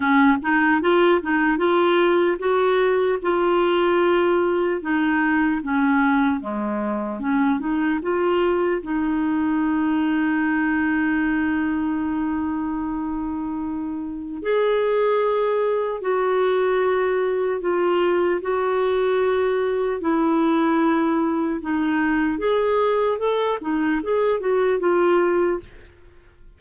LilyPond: \new Staff \with { instrumentName = "clarinet" } { \time 4/4 \tempo 4 = 75 cis'8 dis'8 f'8 dis'8 f'4 fis'4 | f'2 dis'4 cis'4 | gis4 cis'8 dis'8 f'4 dis'4~ | dis'1~ |
dis'2 gis'2 | fis'2 f'4 fis'4~ | fis'4 e'2 dis'4 | gis'4 a'8 dis'8 gis'8 fis'8 f'4 | }